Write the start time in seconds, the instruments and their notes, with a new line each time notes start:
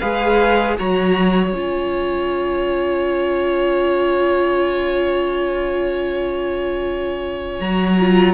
0.00 cello G#3, viola G#4, violin B4 F5
0.78 cello F#3, viola F#4, violin C#5 A#5
1.53 cello C#4, viola F4, violin G#5
7.61 cello F#3, viola F#4, violin A#5
8.01 viola F4